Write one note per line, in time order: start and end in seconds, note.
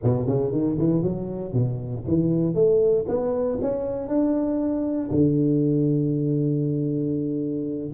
0.03 0.26 B2
0.26 0.51 C#3
0.51 0.77 D#3
0.78 1.02 E3
1.02 1.52 F#3
1.52 2.04 B2
2.07 2.54 E3
2.54 3.05 A3
3.08 3.59 B3
3.61 4.07 C#4
4.07 5.10 D4
5.10 7.93 D3